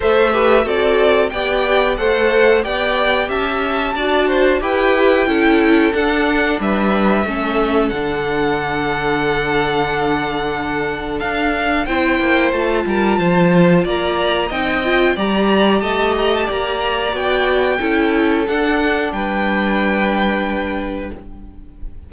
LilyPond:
<<
  \new Staff \with { instrumentName = "violin" } { \time 4/4 \tempo 4 = 91 e''4 d''4 g''4 fis''4 | g''4 a''2 g''4~ | g''4 fis''4 e''2 | fis''1~ |
fis''4 f''4 g''4 a''4~ | a''4 ais''4 g''4 ais''4 | a''8 ais''16 a''16 ais''4 g''2 | fis''4 g''2. | }
  \new Staff \with { instrumentName = "violin" } { \time 4/4 c''8 b'8 a'4 d''4 c''4 | d''4 e''4 d''8 c''8 b'4 | a'2 b'4 a'4~ | a'1~ |
a'2 c''4. ais'8 | c''4 d''4 dis''4 d''4 | dis''4 d''2 a'4~ | a'4 b'2. | }
  \new Staff \with { instrumentName = "viola" } { \time 4/4 a'8 g'8 fis'4 g'4 a'4 | g'2 fis'4 g'4 | e'4 d'2 cis'4 | d'1~ |
d'2 e'4 f'4~ | f'2 dis'8 f'8 g'4~ | g'2 fis'4 e'4 | d'1 | }
  \new Staff \with { instrumentName = "cello" } { \time 4/4 a4 c'4 b4 a4 | b4 cis'4 d'4 e'4 | cis'4 d'4 g4 a4 | d1~ |
d4 d'4 c'8 ais8 a8 g8 | f4 ais4 c'4 g4 | a4 ais4 b4 cis'4 | d'4 g2. | }
>>